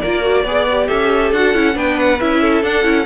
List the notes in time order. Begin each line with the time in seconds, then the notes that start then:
0.00 A#3 F4 A#4 D5
0.22 F#4
0.43 B3 G#4 D5
0.71 G4
0.88 C#4 A4 E5
1.32 D4 F#4 F#5
1.54 C#4 E4
1.74 B3 D4 B4 G5
1.99 F#5
2.20 C#4 E4 E5
2.41 A4
2.63 D4 F#5
2.83 C#4 E4